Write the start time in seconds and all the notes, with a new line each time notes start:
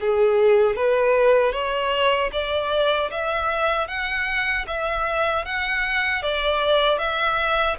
0.00 G#4
0.76 B4
1.52 C#5
2.32 D5
3.11 E5
3.87 F#5
4.67 E5
5.45 F#5
6.22 D5
6.98 E5